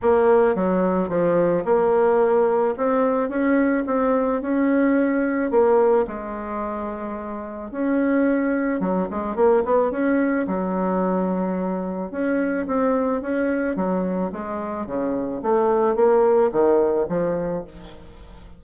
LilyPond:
\new Staff \with { instrumentName = "bassoon" } { \time 4/4 \tempo 4 = 109 ais4 fis4 f4 ais4~ | ais4 c'4 cis'4 c'4 | cis'2 ais4 gis4~ | gis2 cis'2 |
fis8 gis8 ais8 b8 cis'4 fis4~ | fis2 cis'4 c'4 | cis'4 fis4 gis4 cis4 | a4 ais4 dis4 f4 | }